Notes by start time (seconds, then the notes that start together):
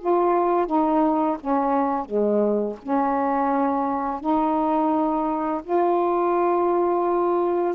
0.00 F4
0.67 D#4
1.40 C#4
2.06 G#3
2.83 C#4
4.21 D#4
5.64 F4